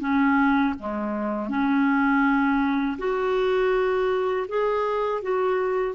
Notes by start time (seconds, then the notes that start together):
0.00 C#4
0.79 G#3
1.49 C#4
2.98 F#4
4.48 G#4
5.22 F#4